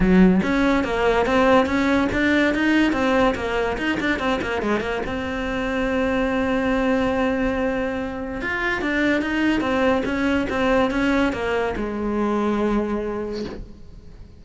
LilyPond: \new Staff \with { instrumentName = "cello" } { \time 4/4 \tempo 4 = 143 fis4 cis'4 ais4 c'4 | cis'4 d'4 dis'4 c'4 | ais4 dis'8 d'8 c'8 ais8 gis8 ais8 | c'1~ |
c'1 | f'4 d'4 dis'4 c'4 | cis'4 c'4 cis'4 ais4 | gis1 | }